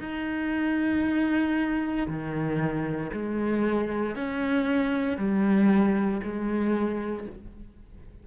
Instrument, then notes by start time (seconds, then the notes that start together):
cello
0.00 D#4
2.07 D#3
3.13 G#3
4.15 C#4
5.17 G3
6.23 G#3